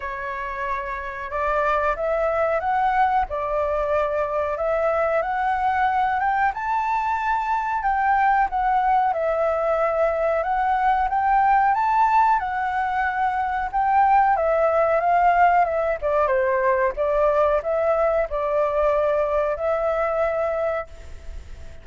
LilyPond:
\new Staff \with { instrumentName = "flute" } { \time 4/4 \tempo 4 = 92 cis''2 d''4 e''4 | fis''4 d''2 e''4 | fis''4. g''8 a''2 | g''4 fis''4 e''2 |
fis''4 g''4 a''4 fis''4~ | fis''4 g''4 e''4 f''4 | e''8 d''8 c''4 d''4 e''4 | d''2 e''2 | }